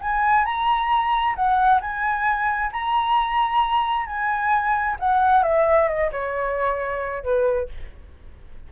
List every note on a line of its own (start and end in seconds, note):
0.00 0.44 G#5
0.44 1.35 A#5
1.35 1.80 F#5
1.80 2.71 G#5
2.72 4.06 A#5
4.06 4.96 G#5
4.99 5.43 F#5
5.43 5.88 E5
5.88 6.10 D#5
6.11 7.23 C#5
7.23 7.68 B4